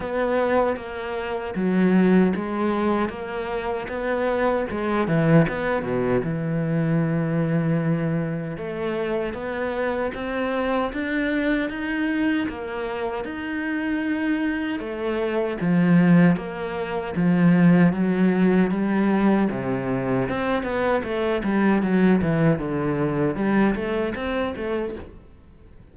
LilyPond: \new Staff \with { instrumentName = "cello" } { \time 4/4 \tempo 4 = 77 b4 ais4 fis4 gis4 | ais4 b4 gis8 e8 b8 b,8 | e2. a4 | b4 c'4 d'4 dis'4 |
ais4 dis'2 a4 | f4 ais4 f4 fis4 | g4 c4 c'8 b8 a8 g8 | fis8 e8 d4 g8 a8 c'8 a8 | }